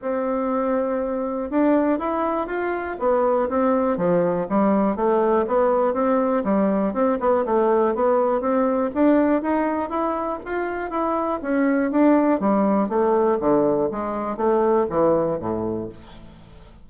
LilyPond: \new Staff \with { instrumentName = "bassoon" } { \time 4/4 \tempo 4 = 121 c'2. d'4 | e'4 f'4 b4 c'4 | f4 g4 a4 b4 | c'4 g4 c'8 b8 a4 |
b4 c'4 d'4 dis'4 | e'4 f'4 e'4 cis'4 | d'4 g4 a4 d4 | gis4 a4 e4 a,4 | }